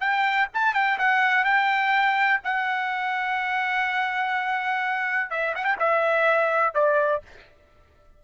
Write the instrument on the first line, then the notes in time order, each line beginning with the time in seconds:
trumpet
0.00 G5
0.54 A5
0.74 G5
0.98 F#5
1.44 G5
2.44 F#5
5.31 E5
5.55 F#5
5.64 G5
5.79 E5
6.74 D5